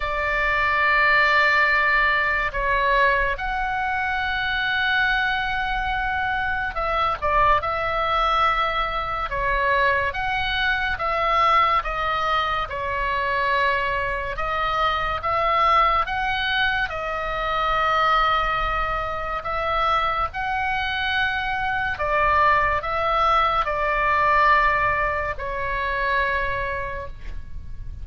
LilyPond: \new Staff \with { instrumentName = "oboe" } { \time 4/4 \tempo 4 = 71 d''2. cis''4 | fis''1 | e''8 d''8 e''2 cis''4 | fis''4 e''4 dis''4 cis''4~ |
cis''4 dis''4 e''4 fis''4 | dis''2. e''4 | fis''2 d''4 e''4 | d''2 cis''2 | }